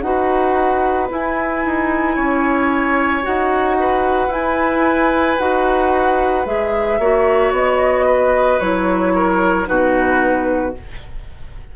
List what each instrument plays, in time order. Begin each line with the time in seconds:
0.00 bassoon D#4, clarinet F#4, oboe B4, flute F#5
1.09 clarinet E4, bassoon E4, flute G#5
1.65 bassoon D#4
2.15 bassoon C#4, oboe C#5
3.22 bassoon D#4, clarinet F#4, flute F#5
3.80 oboe B4
4.28 bassoon E4, clarinet E4, flute G#5
5.39 bassoon D#4, clarinet F#4, flute F#5
6.46 bassoon G#3, clarinet G#4, flute E5
6.99 bassoon A#3, clarinet F#4, oboe C#5
7.52 bassoon B3, flute D#5
8.06 oboe B4
8.60 bassoon F#3, clarinet E4, flute C#5
9.15 oboe A#4
9.65 bassoon B2, clarinet D#4, oboe F#4, flute B4